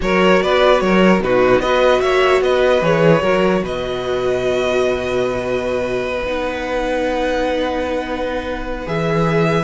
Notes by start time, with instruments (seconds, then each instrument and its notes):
0.00 cello F#3, viola F#4, violin A#4 C#5
0.42 cello B3, violin B4 D5
0.80 cello F#3, violin A#4 C#5
1.19 cello B2, viola D#4, violin F#4 B4
1.59 cello B3, viola F#4, violin B4 D#5
2.00 cello A#3, violin C#5 E5
2.41 cello B3, violin B4 D#5
2.81 cello E3, viola G#4, violin C#5
3.21 cello F#3, viola F#4, violin A#4
3.62 cello B2, violin B4 D#5
6.24 cello B3, viola D#4, violin F#5
8.86 cello E3, viola G#4, violin E5